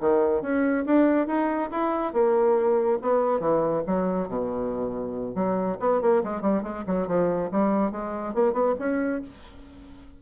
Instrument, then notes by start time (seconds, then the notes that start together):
bassoon
0.00 D#3
0.42 C#4
0.86 D4
1.27 D#4
1.71 E4
2.13 A#3
3.01 B3
3.40 E3
3.86 F#3
4.28 B2
5.35 F#3
5.80 B3
6.01 A#3
6.24 G#3
6.41 G3
6.63 G#3
6.86 F#3
7.07 F3
7.51 G3
7.91 G#3
8.34 A#3
8.53 B3
8.79 C#4